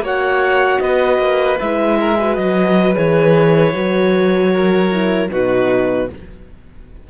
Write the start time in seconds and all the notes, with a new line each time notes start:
0.00 A#3 F#4 C#5
0.06 F#5
0.80 B3 B4 D#5
1.18 A#3
1.59 G#3 E4 E5
2.00 A#4
2.19 F#4 B4
2.35 F#3 D#5
2.94 E3 G#4 C#5
3.72 F#3 F#4
4.52 A#4
4.92 E4
5.31 B2 D#4 F#4 B4